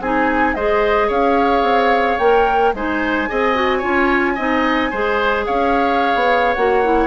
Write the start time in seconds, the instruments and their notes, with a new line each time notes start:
0.00 bassoon C4, clarinet D#4, oboe G#4, flute G#5
0.54 bassoon G#3, clarinet G#4, oboe C5, flute D#5
1.07 bassoon C#4, oboe C#5, flute F5
1.62 bassoon C4
2.18 bassoon A#3, clarinet A#4, flute G5
2.73 bassoon G#3, clarinet D#4, oboe C5, flute G#5
3.28 bassoon C4, clarinet G#4, oboe D#5
3.55 clarinet F#4
3.78 bassoon C#4, clarinet F4, oboe C#5
4.35 bassoon C4, clarinet D#4, oboe D#5
4.90 bassoon G#3, clarinet G#4, oboe C5
5.45 bassoon C#4, oboe C#5, flute F5
6.15 bassoon B3
6.54 bassoon A#3, clarinet F#4, flute F#5
6.84 clarinet E4